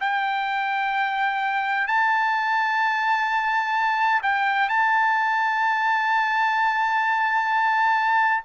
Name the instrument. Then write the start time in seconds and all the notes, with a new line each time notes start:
trumpet
0.00 G5
1.87 A5
4.22 G5
4.68 A5